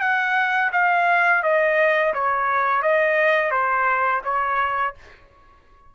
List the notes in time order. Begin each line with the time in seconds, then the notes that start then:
0.00 F#5
0.72 F5
1.42 D#5
2.13 C#5
2.82 D#5
3.51 C5
4.24 C#5